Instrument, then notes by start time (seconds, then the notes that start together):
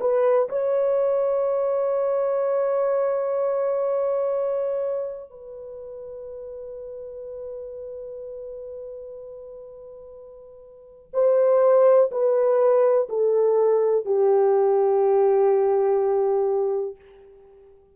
horn
0.00 B4
0.49 C#5
5.30 B4
11.13 C5
12.11 B4
13.09 A4
14.05 G4